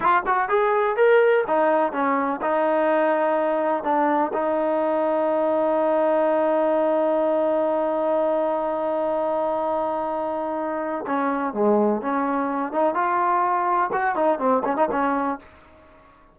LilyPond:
\new Staff \with { instrumentName = "trombone" } { \time 4/4 \tempo 4 = 125 f'8 fis'8 gis'4 ais'4 dis'4 | cis'4 dis'2. | d'4 dis'2.~ | dis'1~ |
dis'1~ | dis'2. cis'4 | gis4 cis'4. dis'8 f'4~ | f'4 fis'8 dis'8 c'8 cis'16 dis'16 cis'4 | }